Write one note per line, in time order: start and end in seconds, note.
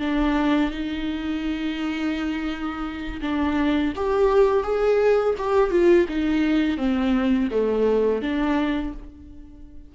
0.00 0.71 D4
0.71 3.21 D#4
3.22 3.93 D4
3.96 4.63 G4
4.63 5.35 G#4
5.38 5.71 G4
5.71 6.06 F4
6.08 6.78 D#4
6.78 7.49 C4
7.51 8.22 A3
8.22 8.93 D4